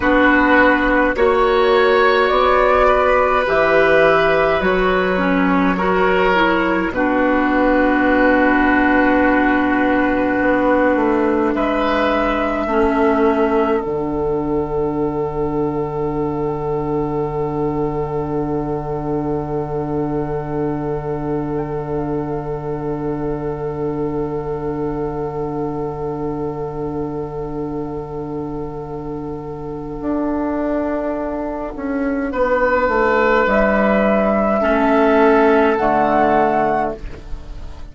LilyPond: <<
  \new Staff \with { instrumentName = "flute" } { \time 4/4 \tempo 4 = 52 b'4 cis''4 d''4 e''4 | cis''2 b'2~ | b'2 e''2 | fis''1~ |
fis''1~ | fis''1~ | fis''1~ | fis''4 e''2 fis''4 | }
  \new Staff \with { instrumentName = "oboe" } { \time 4/4 fis'4 cis''4. b'4.~ | b'4 ais'4 fis'2~ | fis'2 b'4 a'4~ | a'1~ |
a'1~ | a'1~ | a'1 | b'2 a'2 | }
  \new Staff \with { instrumentName = "clarinet" } { \time 4/4 d'4 fis'2 g'4 | fis'8 cis'8 fis'8 e'8 d'2~ | d'2. cis'4 | d'1~ |
d'1~ | d'1~ | d'1~ | d'2 cis'4 a4 | }
  \new Staff \with { instrumentName = "bassoon" } { \time 4/4 b4 ais4 b4 e4 | fis2 b,2~ | b,4 b8 a8 gis4 a4 | d1~ |
d1~ | d1~ | d2 d'4. cis'8 | b8 a8 g4 a4 d4 | }
>>